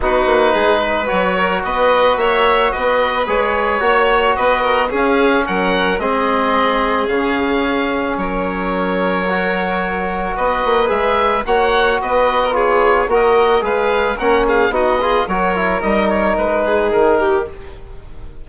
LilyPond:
<<
  \new Staff \with { instrumentName = "oboe" } { \time 4/4 \tempo 4 = 110 b'2 cis''4 dis''4 | e''4 dis''4 cis''2 | dis''4 f''4 fis''4 dis''4~ | dis''4 f''2 cis''4~ |
cis''2. dis''4 | e''4 fis''4 dis''4 cis''4 | dis''4 f''4 fis''8 f''8 dis''4 | cis''4 dis''8 cis''8 b'4 ais'4 | }
  \new Staff \with { instrumentName = "violin" } { \time 4/4 fis'4 gis'8 b'4 ais'8 b'4 | cis''4 b'2 cis''4 | b'8 ais'8 gis'4 ais'4 gis'4~ | gis'2. ais'4~ |
ais'2. b'4~ | b'4 cis''4 b'8. ais'16 gis'4 | ais'4 b'4 ais'8 gis'8 fis'8 gis'8 | ais'2~ ais'8 gis'4 g'8 | }
  \new Staff \with { instrumentName = "trombone" } { \time 4/4 dis'2 fis'2~ | fis'2 gis'4 fis'4~ | fis'4 cis'2 c'4~ | c'4 cis'2.~ |
cis'4 fis'2. | gis'4 fis'2 f'4 | fis'4 gis'4 cis'4 dis'8 f'8 | fis'8 e'8 dis'2. | }
  \new Staff \with { instrumentName = "bassoon" } { \time 4/4 b8 ais8 gis4 fis4 b4 | ais4 b4 gis4 ais4 | b4 cis'4 fis4 gis4~ | gis4 cis2 fis4~ |
fis2. b8 ais8 | gis4 ais4 b2 | ais4 gis4 ais4 b4 | fis4 g4 gis4 dis4 | }
>>